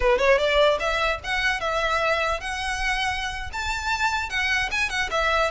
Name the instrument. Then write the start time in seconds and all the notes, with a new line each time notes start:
violin
0.00 B4
0.18 C#5
0.38 D5
0.79 E5
1.23 F#5
1.60 E5
2.40 F#5
3.52 A5
4.29 F#5
4.71 G#5
4.89 F#5
5.10 E5